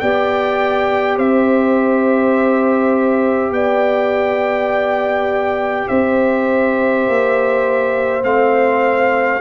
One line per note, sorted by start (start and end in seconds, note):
0.00 1.18 B3
0.00 8.23 G4
0.00 1.17 D5
0.00 1.18 G5
1.17 3.51 C4
1.17 3.52 C5
1.17 3.53 E5
3.51 5.86 B3
3.51 5.88 D5
3.51 5.88 G5
5.88 7.08 C4
5.88 9.41 C5
5.88 8.23 E5
7.08 8.24 A#3
8.23 9.41 A3
8.23 9.40 C4
8.23 9.41 F5